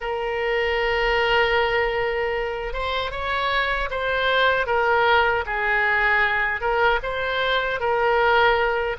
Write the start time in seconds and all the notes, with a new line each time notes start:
0.00 A#4
2.73 C5
3.11 C#5
3.90 C5
4.66 A#4
5.45 G#4
6.61 A#4
7.03 C5
7.80 A#4